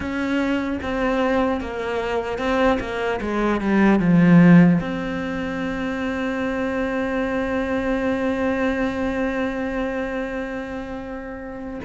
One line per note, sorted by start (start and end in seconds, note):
0.00 0.79 C#4
0.82 1.60 C4
1.60 2.38 A#3
2.38 2.78 C4
2.80 3.20 A#3
3.20 3.60 G#3
3.60 3.99 G3
3.99 4.79 F3
4.80 11.80 C4